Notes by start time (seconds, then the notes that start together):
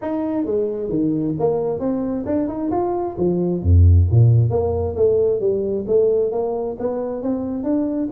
0.01 D#4
0.45 G#3
0.89 D#3
1.39 A#3
1.79 C4
2.26 D4
2.48 D#4
2.70 F4
3.17 F3
3.62 F2
4.10 A#2
4.50 A#3
4.96 A3
5.40 G3
5.87 A3
6.31 A#3
6.79 B3
7.22 C4
7.63 D4